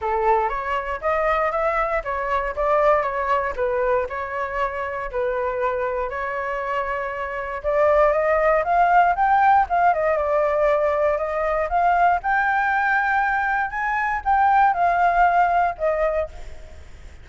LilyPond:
\new Staff \with { instrumentName = "flute" } { \time 4/4 \tempo 4 = 118 a'4 cis''4 dis''4 e''4 | cis''4 d''4 cis''4 b'4 | cis''2 b'2 | cis''2. d''4 |
dis''4 f''4 g''4 f''8 dis''8 | d''2 dis''4 f''4 | g''2. gis''4 | g''4 f''2 dis''4 | }